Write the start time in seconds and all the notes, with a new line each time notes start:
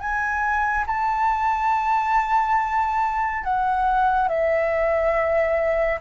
0.00 G#5
0.86 A5
3.44 F#5
4.29 E5